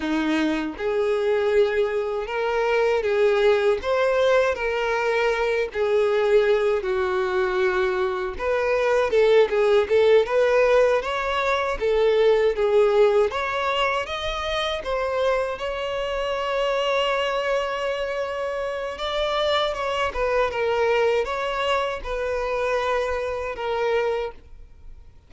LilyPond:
\new Staff \with { instrumentName = "violin" } { \time 4/4 \tempo 4 = 79 dis'4 gis'2 ais'4 | gis'4 c''4 ais'4. gis'8~ | gis'4 fis'2 b'4 | a'8 gis'8 a'8 b'4 cis''4 a'8~ |
a'8 gis'4 cis''4 dis''4 c''8~ | c''8 cis''2.~ cis''8~ | cis''4 d''4 cis''8 b'8 ais'4 | cis''4 b'2 ais'4 | }